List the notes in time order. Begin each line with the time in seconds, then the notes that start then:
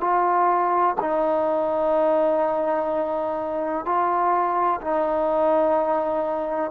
0.00 F4
1.00 D#4
3.85 F4
4.81 D#4